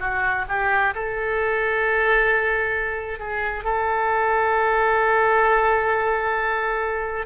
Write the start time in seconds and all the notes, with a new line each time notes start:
0.00 F#4
0.49 G4
0.95 A4
3.19 G#4
3.64 A4